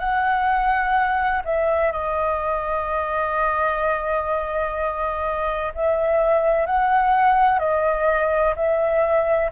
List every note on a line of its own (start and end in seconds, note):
0.00 1.43 F#5
1.45 1.92 E5
1.92 5.73 D#5
5.75 6.67 E5
6.67 7.60 F#5
7.60 8.55 D#5
8.57 9.52 E5